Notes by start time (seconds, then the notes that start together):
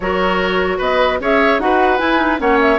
0.00 F#3 F#4 A#4 C#5
0.78 B3 B4 D#5
1.20 C#4 G#4 C#5 E5
1.59 D#4 F#4 B4 F#5
1.98 E4 G#5
2.17 D#4
2.38 A#3 C#4 C#5 F#5
2.60 E5